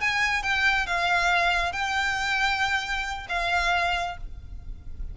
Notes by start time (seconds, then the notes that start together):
0.00 G#5
0.43 G5
0.86 F5
1.72 G5
3.29 F5